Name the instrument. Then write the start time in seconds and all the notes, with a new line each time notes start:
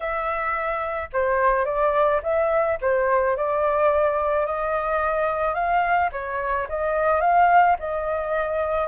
flute
0.00 E5
1.12 C5
1.65 D5
2.22 E5
2.81 C5
3.36 D5
4.46 D#5
5.54 F5
6.11 C#5
6.68 D#5
7.20 F5
7.79 D#5